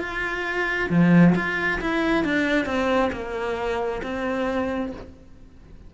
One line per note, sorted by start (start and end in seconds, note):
0.00 0.90 F4
0.90 1.35 F3
1.36 1.80 F4
1.81 2.25 E4
2.25 2.66 D4
2.66 3.11 C4
3.13 4.02 A#3
4.03 4.93 C4